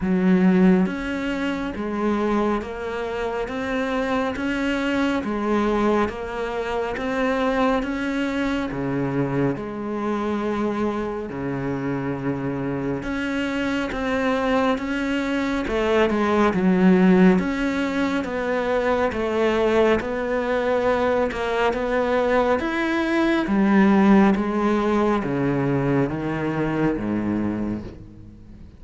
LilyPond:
\new Staff \with { instrumentName = "cello" } { \time 4/4 \tempo 4 = 69 fis4 cis'4 gis4 ais4 | c'4 cis'4 gis4 ais4 | c'4 cis'4 cis4 gis4~ | gis4 cis2 cis'4 |
c'4 cis'4 a8 gis8 fis4 | cis'4 b4 a4 b4~ | b8 ais8 b4 e'4 g4 | gis4 cis4 dis4 gis,4 | }